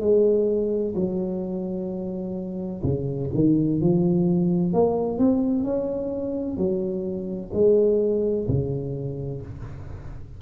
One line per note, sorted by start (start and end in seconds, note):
0.00 0.94 G#3
0.95 2.82 F#3
2.83 3.30 C#3
3.34 3.80 D#3
3.80 4.73 F3
4.73 5.18 A#3
5.18 5.64 C4
5.64 6.57 C#4
6.57 7.50 F#3
7.53 8.46 G#3
8.48 9.41 C#3